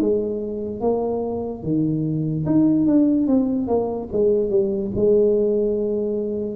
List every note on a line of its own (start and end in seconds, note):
0.00 0.81 G#3
0.81 1.63 A#3
1.63 2.45 D#3
2.46 2.87 D#4
2.87 3.27 D4
3.27 3.68 C4
3.68 4.09 A#3
4.13 4.50 G#3
4.50 4.91 G3
4.96 6.56 G#3